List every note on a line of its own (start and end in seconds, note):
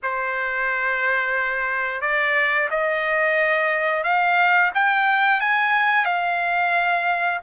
0.02 2.01 C5
2.01 2.68 D5
2.70 4.03 D#5
4.03 4.71 F5
4.74 5.40 G5
5.40 6.05 G#5
6.05 7.40 F5